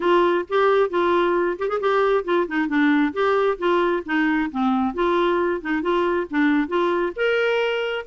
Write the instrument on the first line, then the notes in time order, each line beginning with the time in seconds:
clarinet
0.00 F4
0.49 G4
0.90 F4
1.59 G4
1.68 G#4
1.80 G4
2.24 F4
2.47 D#4
2.68 D4
3.13 G4
3.58 F4
4.05 D#4
4.51 C4
4.94 F4
5.61 D#4
5.81 F4
6.30 D4
6.68 F4
7.15 A#4